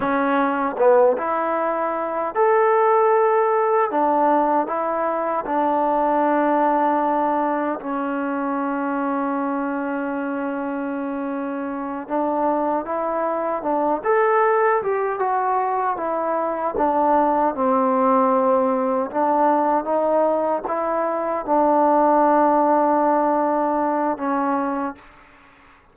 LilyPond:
\new Staff \with { instrumentName = "trombone" } { \time 4/4 \tempo 4 = 77 cis'4 b8 e'4. a'4~ | a'4 d'4 e'4 d'4~ | d'2 cis'2~ | cis'2.~ cis'8 d'8~ |
d'8 e'4 d'8 a'4 g'8 fis'8~ | fis'8 e'4 d'4 c'4.~ | c'8 d'4 dis'4 e'4 d'8~ | d'2. cis'4 | }